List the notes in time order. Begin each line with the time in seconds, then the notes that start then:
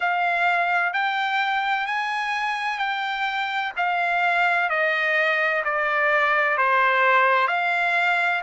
0.00 F5
0.93 G5
1.86 G#5
2.78 G5
3.77 F5
4.69 D#5
5.64 D5
6.57 C5
7.47 F5